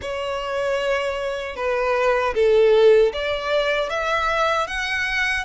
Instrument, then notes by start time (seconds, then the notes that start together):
violin
0.01 C#5
1.55 B4
2.34 A4
3.13 D5
3.89 E5
4.67 F#5